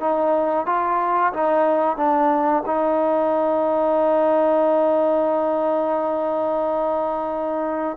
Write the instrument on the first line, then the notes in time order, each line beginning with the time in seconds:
trombone
0.00 D#4
0.66 F4
1.33 D#4
1.97 D4
2.66 D#4